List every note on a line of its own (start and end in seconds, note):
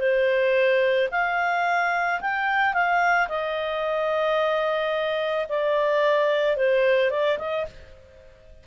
0.00 1.09 C5
1.12 2.21 F5
2.21 2.74 G5
2.74 3.28 F5
3.29 5.47 D#5
5.49 6.57 D5
6.57 7.11 C5
7.11 7.38 D5
7.39 7.66 D#5